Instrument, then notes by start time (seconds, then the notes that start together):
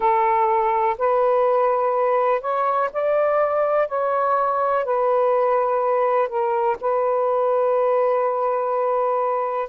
saxophone
0.00 A4
0.98 B4
2.41 C#5
2.93 D5
3.88 C#5
4.84 B4
6.28 A#4
6.80 B4